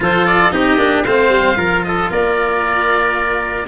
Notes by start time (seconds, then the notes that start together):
0.00 F3 F4 A4 C5
0.26 D5
0.51 C4 D#4 G4 D#5
0.77 A#3 D4
1.04 A3 C4 C5 F5
1.28 G3
1.55 F3 F4 A#4
1.83 A4 D#5
2.10 A#3 A#4 D5